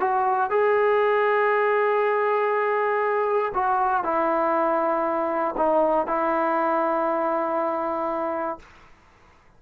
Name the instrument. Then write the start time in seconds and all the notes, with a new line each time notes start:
trombone
0.00 F#4
0.50 G#4
3.54 F#4
4.04 E4
5.57 D#4
6.07 E4